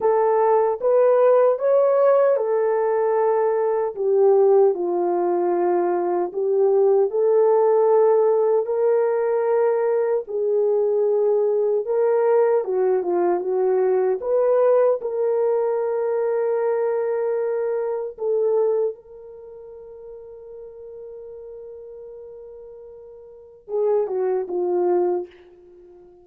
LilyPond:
\new Staff \with { instrumentName = "horn" } { \time 4/4 \tempo 4 = 76 a'4 b'4 cis''4 a'4~ | a'4 g'4 f'2 | g'4 a'2 ais'4~ | ais'4 gis'2 ais'4 |
fis'8 f'8 fis'4 b'4 ais'4~ | ais'2. a'4 | ais'1~ | ais'2 gis'8 fis'8 f'4 | }